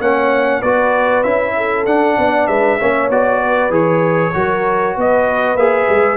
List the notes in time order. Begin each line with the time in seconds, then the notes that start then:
0.00 A#3 C#4 C#5 F#5
0.61 B3 F#4 B4 D5
1.24 C#4 E4 E5
1.57 A4
1.87 D4 F#5
2.18 B3 D5
2.48 G#3 B4 E5
2.80 A#3 C#4 C#5
3.10 B3 F#4 D5
3.41 B4
3.70 E3 G#4 C#5
4.34 F#3 F#4 A#4
4.96 B3 B4 D#5
5.56 A#3 G#4 E5
5.89 G#3